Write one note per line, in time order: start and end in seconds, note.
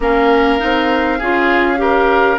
0.00 0.59 A#3
0.00 0.58 C#4
0.00 1.18 A#4
0.00 2.38 F5
0.58 1.21 C4
0.58 1.18 D#4
1.18 2.38 C#4
1.18 1.77 F4
1.18 1.78 G#4
1.77 2.37 G4
1.77 2.38 A#4